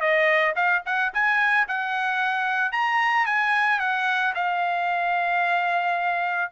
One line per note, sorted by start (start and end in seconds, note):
0.00 0.54 D#5
0.55 0.82 F5
0.85 1.12 F#5
1.13 1.67 G#5
1.68 2.71 F#5
2.71 3.26 A#5
3.26 3.79 G#5
3.79 4.33 F#5
4.34 6.51 F5